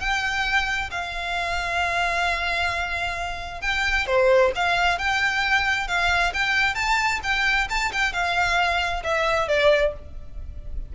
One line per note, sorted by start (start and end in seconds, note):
0.00 0.90 G5
0.91 3.61 F5
3.61 4.06 G5
4.07 4.52 C5
4.55 4.98 F5
4.98 5.88 G5
5.88 6.33 F5
6.34 6.75 G5
6.75 7.20 A5
7.23 7.68 G5
7.70 7.92 A5
7.92 8.13 G5
8.13 9.03 F5
9.04 9.48 E5
9.48 9.93 D5